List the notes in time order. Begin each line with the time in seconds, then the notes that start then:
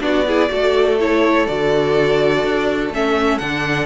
0.00 B3 D4 F#4 D5
0.27 E4 G#4
0.49 A3 F#4 A4
1.00 E4 C#5
1.46 D3 F#4 D5
2.44 D4
2.90 A3 C#4 E5
3.38 D3 D4 F#5